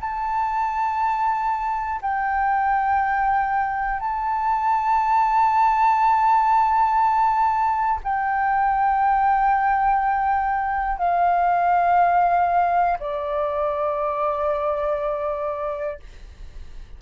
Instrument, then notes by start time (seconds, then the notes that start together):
flute
0.00 A5
2.01 G5
4.00 A5
8.03 G5
10.97 F5
12.99 D5